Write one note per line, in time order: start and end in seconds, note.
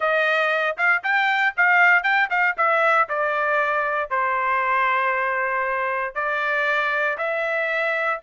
0.00 0.76 D#5
0.77 1.03 F5
1.03 1.54 G5
1.56 2.03 F5
2.03 2.28 G5
2.29 2.55 F5
2.57 3.08 E5
3.09 4.10 D5
4.10 6.14 C5
6.14 7.17 D5
7.17 8.20 E5